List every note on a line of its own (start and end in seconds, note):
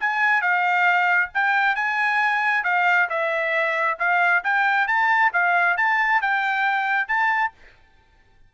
0.00 0.41 G#5
0.41 1.30 F5
1.34 1.76 G5
1.76 2.64 G#5
2.64 3.08 F5
3.09 3.98 E5
3.99 4.43 F5
4.43 4.87 G5
4.87 5.32 A5
5.33 5.77 F5
5.77 6.21 A5
6.21 7.08 G5
7.08 7.52 A5